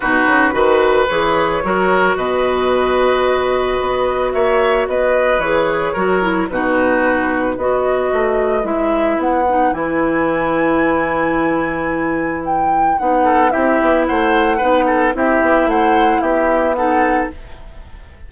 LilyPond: <<
  \new Staff \with { instrumentName = "flute" } { \time 4/4 \tempo 4 = 111 b'2 cis''2 | dis''1 | e''4 dis''4 cis''2 | b'2 dis''2 |
e''4 fis''4 gis''2~ | gis''2. g''4 | fis''4 e''4 fis''2 | e''4 fis''4 e''4 fis''4 | }
  \new Staff \with { instrumentName = "oboe" } { \time 4/4 fis'4 b'2 ais'4 | b'1 | cis''4 b'2 ais'4 | fis'2 b'2~ |
b'1~ | b'1~ | b'8 a'8 g'4 c''4 b'8 a'8 | g'4 c''4 g'4 a'4 | }
  \new Staff \with { instrumentName = "clarinet" } { \time 4/4 dis'4 fis'4 gis'4 fis'4~ | fis'1~ | fis'2 gis'4 fis'8 e'8 | dis'2 fis'2 |
e'4. dis'8 e'2~ | e'1 | dis'4 e'2 dis'4 | e'2. dis'4 | }
  \new Staff \with { instrumentName = "bassoon" } { \time 4/4 b,8 cis8 dis4 e4 fis4 | b,2. b4 | ais4 b4 e4 fis4 | b,2 b4 a4 |
gis4 b4 e2~ | e1 | b4 c'8 b8 a4 b4 | c'8 b8 a4 b2 | }
>>